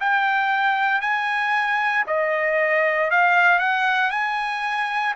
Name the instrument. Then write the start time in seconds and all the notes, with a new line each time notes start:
trumpet
0.00 G5
1.01 G#5
2.07 D#5
3.11 F5
3.59 F#5
4.11 G#5